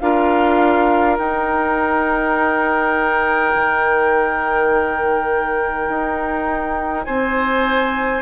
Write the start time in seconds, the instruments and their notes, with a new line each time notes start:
0.00 bassoon D4, clarinet F4, oboe A#4, flute F5
1.18 clarinet D#4, bassoon D#4, flute G5
3.55 bassoon D#3
5.89 bassoon D#4
7.05 bassoon C4, oboe C5, flute G#5